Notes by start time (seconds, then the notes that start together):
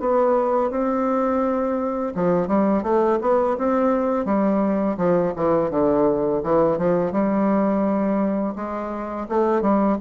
0.00 B3
0.70 C4
2.15 F3
2.48 G3
2.83 A3
3.21 B3
3.58 C4
4.25 G3
4.97 F3
5.36 E3
5.70 D3
6.44 E3
6.78 F3
7.12 G3
8.56 G#3
9.29 A3
9.61 G3